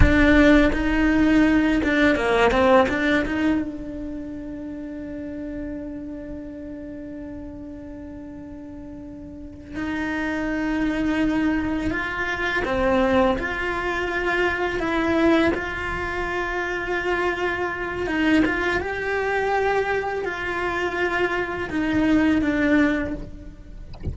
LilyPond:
\new Staff \with { instrumentName = "cello" } { \time 4/4 \tempo 4 = 83 d'4 dis'4. d'8 ais8 c'8 | d'8 dis'8 d'2.~ | d'1~ | d'4. dis'2~ dis'8~ |
dis'8 f'4 c'4 f'4.~ | f'8 e'4 f'2~ f'8~ | f'4 dis'8 f'8 g'2 | f'2 dis'4 d'4 | }